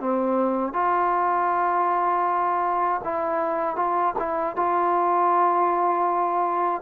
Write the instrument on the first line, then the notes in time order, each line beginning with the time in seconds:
trombone
0.00 C4
0.74 F4
3.04 E4
3.76 F4
4.19 E4
4.56 F4